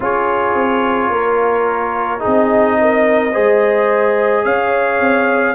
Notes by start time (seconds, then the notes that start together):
0.00 C#4 F4 G#4 C#5
0.53 C4
1.09 A#3 A#4
2.19 D#4 G#4 D#5
2.25 C4
2.80 A#4
3.32 G#3 G#4 C5
4.44 C#4 C#5 F5
5.00 C4